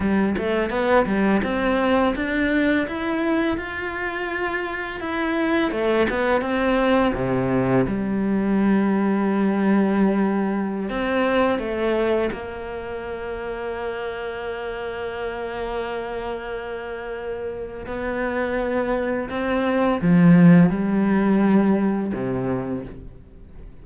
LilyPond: \new Staff \with { instrumentName = "cello" } { \time 4/4 \tempo 4 = 84 g8 a8 b8 g8 c'4 d'4 | e'4 f'2 e'4 | a8 b8 c'4 c4 g4~ | g2.~ g16 c'8.~ |
c'16 a4 ais2~ ais8.~ | ais1~ | ais4 b2 c'4 | f4 g2 c4 | }